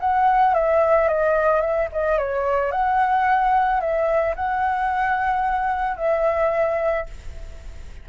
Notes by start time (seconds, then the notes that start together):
0.00 F#5
0.54 E5
1.08 D#5
1.61 E5
1.92 D#5
2.18 C#5
2.71 F#5
3.80 E5
4.36 F#5
5.97 E5